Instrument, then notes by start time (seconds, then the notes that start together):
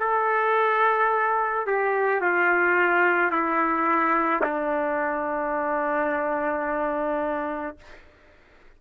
trumpet
0.00 A4
1.67 G4
2.21 F4
3.31 E4
4.43 D4